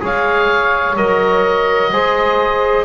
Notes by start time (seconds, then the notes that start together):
0.00 G#3 G#4 C#5 F5
0.96 F#3 A#4 D#5
1.92 G#3 G#4 C5